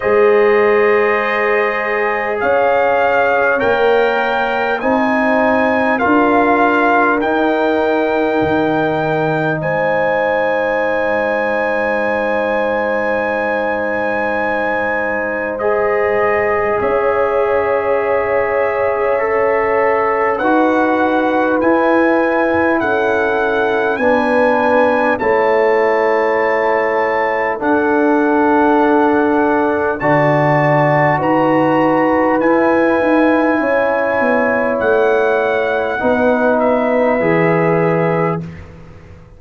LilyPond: <<
  \new Staff \with { instrumentName = "trumpet" } { \time 4/4 \tempo 4 = 50 dis''2 f''4 g''4 | gis''4 f''4 g''2 | gis''1~ | gis''4 dis''4 e''2~ |
e''4 fis''4 gis''4 fis''4 | gis''4 a''2 fis''4~ | fis''4 a''4 ais''4 gis''4~ | gis''4 fis''4. e''4. | }
  \new Staff \with { instrumentName = "horn" } { \time 4/4 c''2 cis''2 | c''4 ais'2. | c''1~ | c''2 cis''2~ |
cis''4 b'2 a'4 | b'4 cis''2 a'4~ | a'4 d''4 b'2 | cis''2 b'2 | }
  \new Staff \with { instrumentName = "trombone" } { \time 4/4 gis'2. ais'4 | dis'4 f'4 dis'2~ | dis'1~ | dis'4 gis'2. |
a'4 fis'4 e'2 | d'4 e'2 d'4~ | d'4 fis'2 e'4~ | e'2 dis'4 gis'4 | }
  \new Staff \with { instrumentName = "tuba" } { \time 4/4 gis2 cis'4 ais4 | c'4 d'4 dis'4 dis4 | gis1~ | gis2 cis'2~ |
cis'4 dis'4 e'4 cis'4 | b4 a2 d'4~ | d'4 d4 dis'4 e'8 dis'8 | cis'8 b8 a4 b4 e4 | }
>>